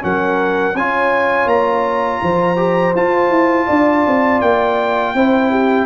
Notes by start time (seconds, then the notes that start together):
0.00 F#3 C#4 A#4 F#5
0.74 C#4 F4 C#5 G#5
1.46 A#3 A#5
2.22 F3 C5
2.56 G4
2.95 F4 A5
3.30 E4
3.67 D4 D5
4.07 C4
4.41 A#3 G5
5.14 C4 E4 C5
5.50 G4